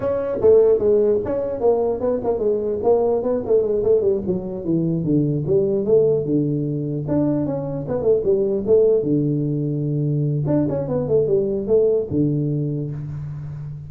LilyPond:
\new Staff \with { instrumentName = "tuba" } { \time 4/4 \tempo 4 = 149 cis'4 a4 gis4 cis'4 | ais4 b8 ais8 gis4 ais4 | b8 a8 gis8 a8 g8 fis4 e8~ | e8 d4 g4 a4 d8~ |
d4. d'4 cis'4 b8 | a8 g4 a4 d4.~ | d2 d'8 cis'8 b8 a8 | g4 a4 d2 | }